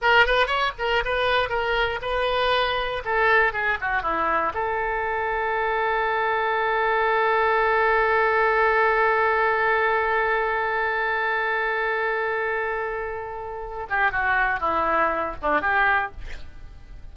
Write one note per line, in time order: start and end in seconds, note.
0.01 0.25 A#4
0.25 0.47 B4
0.47 0.72 C#5
0.78 1.03 A#4
1.04 1.49 B4
1.49 1.99 A#4
2.01 3.02 B4
3.05 3.52 A4
3.52 3.77 G#4
3.80 4.02 F#4
4.02 4.52 E4
4.54 13.86 A4
13.89 14.11 G4
14.11 14.59 F#4
14.59 15.35 E4
15.42 15.61 D4
15.61 16.11 G4